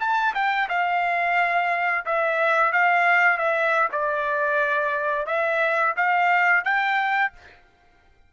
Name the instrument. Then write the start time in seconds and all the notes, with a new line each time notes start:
trumpet
0.00 A5
0.35 G5
0.69 F5
2.05 E5
2.72 F5
3.38 E5
3.92 D5
5.27 E5
5.96 F5
6.64 G5